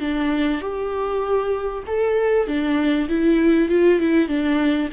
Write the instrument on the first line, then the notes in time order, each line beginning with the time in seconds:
viola
0.00 D4
0.61 G4
1.87 A4
2.47 D4
3.09 E4
3.69 F4
4.00 E4
4.28 D4